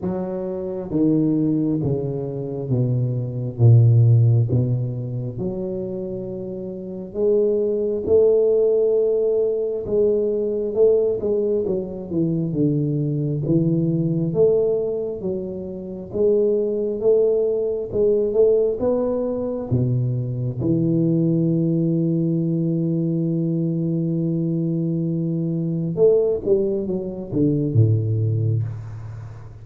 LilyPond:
\new Staff \with { instrumentName = "tuba" } { \time 4/4 \tempo 4 = 67 fis4 dis4 cis4 b,4 | ais,4 b,4 fis2 | gis4 a2 gis4 | a8 gis8 fis8 e8 d4 e4 |
a4 fis4 gis4 a4 | gis8 a8 b4 b,4 e4~ | e1~ | e4 a8 g8 fis8 d8 a,4 | }